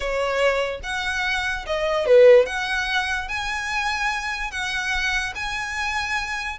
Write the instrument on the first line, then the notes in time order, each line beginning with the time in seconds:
violin
0.00 C#5
0.83 F#5
1.66 D#5
2.06 B4
2.46 F#5
3.28 G#5
4.51 F#5
5.35 G#5